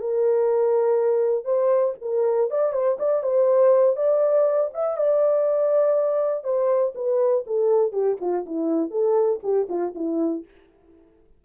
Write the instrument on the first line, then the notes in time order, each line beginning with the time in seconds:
horn
0.00 A#4
1.45 C5
2.02 A#4
2.51 D5
2.73 C5
2.99 D5
3.23 C5
3.96 D5
4.74 E5
4.97 D5
6.44 C5
6.95 B4
7.47 A4
7.92 G4
8.21 F4
8.46 E4
8.91 A4
9.43 G4
9.69 F4
9.95 E4